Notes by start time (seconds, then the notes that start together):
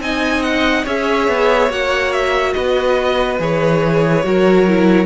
0.00 C4 D#4 D#5 G#5
0.43 F#5
0.83 C#4 G#4 C#5 E5
1.28 B3
1.69 A#3 F#4 F#5
2.12 E5
2.53 B3 B4 D#5
3.40 E3 G#4 C#5
4.23 F#3 F#4 A#4
4.68 E4